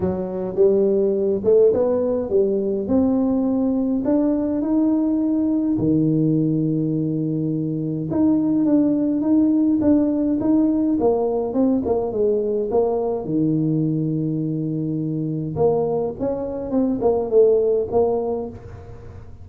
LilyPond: \new Staff \with { instrumentName = "tuba" } { \time 4/4 \tempo 4 = 104 fis4 g4. a8 b4 | g4 c'2 d'4 | dis'2 dis2~ | dis2 dis'4 d'4 |
dis'4 d'4 dis'4 ais4 | c'8 ais8 gis4 ais4 dis4~ | dis2. ais4 | cis'4 c'8 ais8 a4 ais4 | }